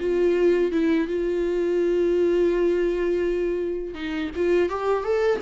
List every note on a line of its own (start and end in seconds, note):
0.00 0.72 F4
0.72 1.08 E4
1.08 3.94 F4
3.94 4.30 D#4
4.36 4.69 F4
4.69 5.04 G4
5.04 5.40 A4